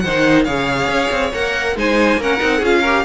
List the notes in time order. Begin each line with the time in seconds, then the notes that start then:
0.00 D#3 C5 F#5
0.07 D#4
0.45 C#3 G#4 C#5 F5
0.88 C#4
1.11 C4
1.34 A#3 A#4 F#5
1.76 G#3 D#4 C5 G#5
2.17 A#3 C#4 A#4 F#5
2.40 C4 D#4
2.58 C#4 F4 G#4
2.65 F5
2.82 G4 A#4